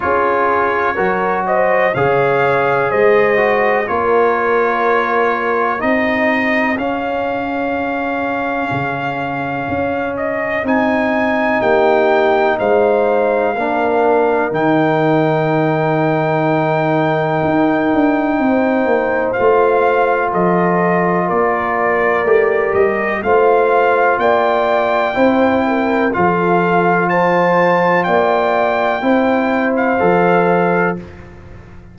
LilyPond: <<
  \new Staff \with { instrumentName = "trumpet" } { \time 4/4 \tempo 4 = 62 cis''4. dis''8 f''4 dis''4 | cis''2 dis''4 f''4~ | f''2~ f''8 dis''8 gis''4 | g''4 f''2 g''4~ |
g''1 | f''4 dis''4 d''4. dis''8 | f''4 g''2 f''4 | a''4 g''4.~ g''16 f''4~ f''16 | }
  \new Staff \with { instrumentName = "horn" } { \time 4/4 gis'4 ais'8 c''8 cis''4 c''4 | ais'2 gis'2~ | gis'1 | g'4 c''4 ais'2~ |
ais'2. c''4~ | c''4 a'4 ais'2 | c''4 d''4 c''8 ais'8 a'4 | c''4 d''4 c''2 | }
  \new Staff \with { instrumentName = "trombone" } { \time 4/4 f'4 fis'4 gis'4. fis'8 | f'2 dis'4 cis'4~ | cis'2. dis'4~ | dis'2 d'4 dis'4~ |
dis'1 | f'2. g'4 | f'2 e'4 f'4~ | f'2 e'4 a'4 | }
  \new Staff \with { instrumentName = "tuba" } { \time 4/4 cis'4 fis4 cis4 gis4 | ais2 c'4 cis'4~ | cis'4 cis4 cis'4 c'4 | ais4 gis4 ais4 dis4~ |
dis2 dis'8 d'8 c'8 ais8 | a4 f4 ais4 a8 g8 | a4 ais4 c'4 f4~ | f4 ais4 c'4 f4 | }
>>